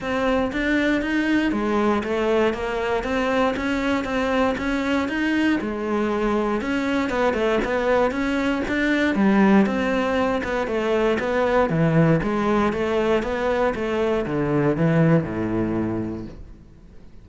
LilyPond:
\new Staff \with { instrumentName = "cello" } { \time 4/4 \tempo 4 = 118 c'4 d'4 dis'4 gis4 | a4 ais4 c'4 cis'4 | c'4 cis'4 dis'4 gis4~ | gis4 cis'4 b8 a8 b4 |
cis'4 d'4 g4 c'4~ | c'8 b8 a4 b4 e4 | gis4 a4 b4 a4 | d4 e4 a,2 | }